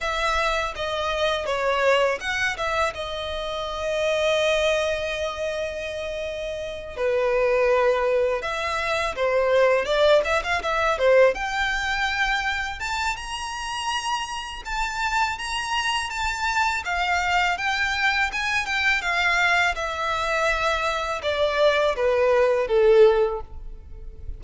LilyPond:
\new Staff \with { instrumentName = "violin" } { \time 4/4 \tempo 4 = 82 e''4 dis''4 cis''4 fis''8 e''8 | dis''1~ | dis''4. b'2 e''8~ | e''8 c''4 d''8 e''16 f''16 e''8 c''8 g''8~ |
g''4. a''8 ais''2 | a''4 ais''4 a''4 f''4 | g''4 gis''8 g''8 f''4 e''4~ | e''4 d''4 b'4 a'4 | }